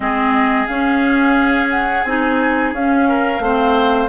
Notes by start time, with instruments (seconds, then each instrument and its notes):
0.00 bassoon G#3, clarinet C4, oboe G#4, flute D#5
0.66 clarinet C#4, bassoon C#4, flute F5
1.69 flute F#5
2.03 bassoon C4, clarinet D#4, flute G#5
2.72 bassoon C#4, clarinet C#4, flute F5
3.08 oboe A#4
3.39 bassoon A3, clarinet C4, oboe C5